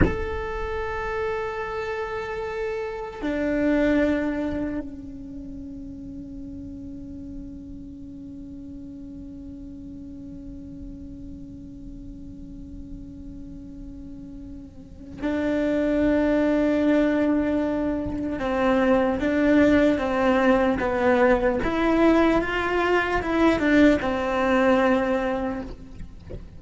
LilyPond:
\new Staff \with { instrumentName = "cello" } { \time 4/4 \tempo 4 = 75 a'1 | d'2 cis'2~ | cis'1~ | cis'1~ |
cis'2. d'4~ | d'2. c'4 | d'4 c'4 b4 e'4 | f'4 e'8 d'8 c'2 | }